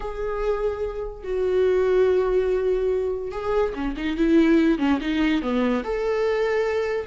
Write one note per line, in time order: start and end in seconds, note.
0.00 1.23 G#4
1.23 3.31 F#4
3.31 3.73 G#4
3.74 3.95 C#4
3.96 4.17 D#4
4.17 4.78 E4
4.78 4.99 C#4
5.00 5.41 D#4
5.41 5.83 B3
5.84 7.06 A4